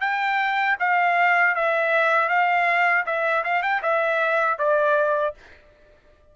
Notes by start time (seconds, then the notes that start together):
0.00 G5
0.79 F5
1.55 E5
2.29 F5
3.06 E5
3.43 F5
3.62 G5
3.82 E5
4.58 D5